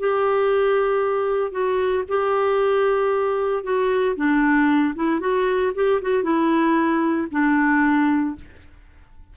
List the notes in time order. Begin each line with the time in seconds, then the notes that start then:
0.00 G4
1.52 F#4
2.09 G4
3.64 F#4
4.16 D4
4.96 E4
5.20 F#4
5.75 G4
6.02 F#4
6.24 E4
7.32 D4